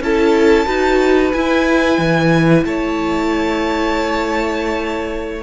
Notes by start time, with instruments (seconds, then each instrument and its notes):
0.00 cello C#4, viola E4, violin A4 A5
0.66 cello D#4, viola F#4, violin B4
1.32 viola E4, cello E4, violin G#5
1.98 cello E3
2.65 cello A3, violin C#5 A5